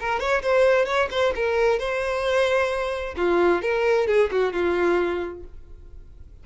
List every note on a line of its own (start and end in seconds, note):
0.00 0.20 A#4
0.20 0.42 C#5
0.43 0.86 C5
0.86 1.08 C#5
1.11 1.34 C5
1.36 1.79 A#4
1.79 3.16 C5
3.17 3.62 F4
3.62 4.08 A#4
4.08 4.30 G#4
4.31 4.53 F#4
4.53 5.44 F4